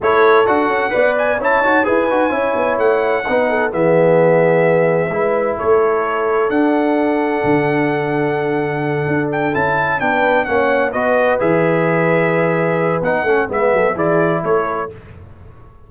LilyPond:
<<
  \new Staff \with { instrumentName = "trumpet" } { \time 4/4 \tempo 4 = 129 cis''4 fis''4. gis''8 a''4 | gis''2 fis''2 | e''1 | cis''2 fis''2~ |
fis''1 | g''8 a''4 g''4 fis''4 dis''8~ | dis''8 e''2.~ e''8 | fis''4 e''4 d''4 cis''4 | }
  \new Staff \with { instrumentName = "horn" } { \time 4/4 a'2 d''4 cis''4 | b'4 cis''2 b'8 a'8 | gis'2. b'4 | a'1~ |
a'1~ | a'4. b'4 cis''4 b'8~ | b'1~ | b'8 a'8 b'8 a'8 gis'4 a'4 | }
  \new Staff \with { instrumentName = "trombone" } { \time 4/4 e'4 fis'4 b'4 e'8 fis'8 | gis'8 fis'8 e'2 dis'4 | b2. e'4~ | e'2 d'2~ |
d'1~ | d'8 e'4 d'4 cis'4 fis'8~ | fis'8 gis'2.~ gis'8 | dis'8 cis'8 b4 e'2 | }
  \new Staff \with { instrumentName = "tuba" } { \time 4/4 a4 d'8 cis'8 b4 cis'8 dis'8 | e'8 dis'8 cis'8 b8 a4 b4 | e2. gis4 | a2 d'2 |
d2.~ d8 d'8~ | d'8 cis'4 b4 ais4 b8~ | b8 e2.~ e8 | b8 a8 gis8 fis8 e4 a4 | }
>>